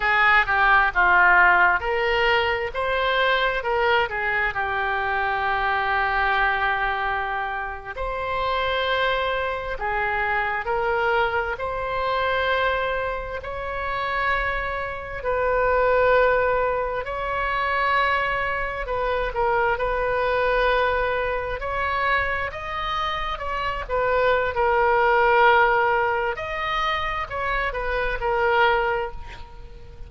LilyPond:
\new Staff \with { instrumentName = "oboe" } { \time 4/4 \tempo 4 = 66 gis'8 g'8 f'4 ais'4 c''4 | ais'8 gis'8 g'2.~ | g'8. c''2 gis'4 ais'16~ | ais'8. c''2 cis''4~ cis''16~ |
cis''8. b'2 cis''4~ cis''16~ | cis''8. b'8 ais'8 b'2 cis''16~ | cis''8. dis''4 cis''8 b'8. ais'4~ | ais'4 dis''4 cis''8 b'8 ais'4 | }